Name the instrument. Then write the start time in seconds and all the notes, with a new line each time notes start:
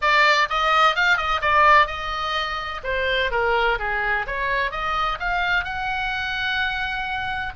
oboe
0.01 D5
0.49 D#5
0.95 F5
1.17 D#5
1.41 D5
1.86 D#5
2.83 C5
3.31 A#4
3.78 G#4
4.26 C#5
4.71 D#5
5.19 F5
5.64 F#5